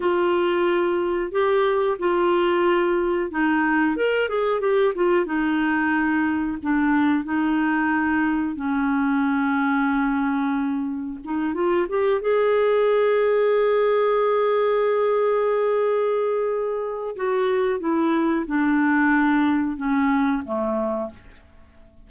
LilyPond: \new Staff \with { instrumentName = "clarinet" } { \time 4/4 \tempo 4 = 91 f'2 g'4 f'4~ | f'4 dis'4 ais'8 gis'8 g'8 f'8 | dis'2 d'4 dis'4~ | dis'4 cis'2.~ |
cis'4 dis'8 f'8 g'8 gis'4.~ | gis'1~ | gis'2 fis'4 e'4 | d'2 cis'4 a4 | }